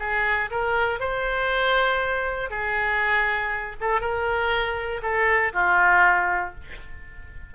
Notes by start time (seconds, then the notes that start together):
0.00 G#4
0.51 A#4
1.00 C5
2.50 G#4
3.81 A4
4.01 A#4
5.03 A4
5.53 F4